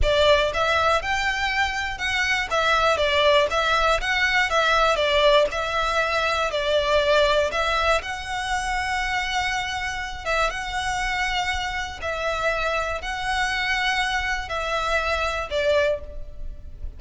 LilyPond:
\new Staff \with { instrumentName = "violin" } { \time 4/4 \tempo 4 = 120 d''4 e''4 g''2 | fis''4 e''4 d''4 e''4 | fis''4 e''4 d''4 e''4~ | e''4 d''2 e''4 |
fis''1~ | fis''8 e''8 fis''2. | e''2 fis''2~ | fis''4 e''2 d''4 | }